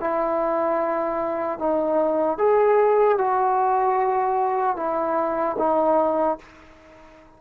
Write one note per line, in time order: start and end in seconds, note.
0.00 1.59 E4
1.59 2.38 D#4
2.38 3.18 G#4
3.18 4.76 F#4
4.76 5.56 E4
5.59 6.39 D#4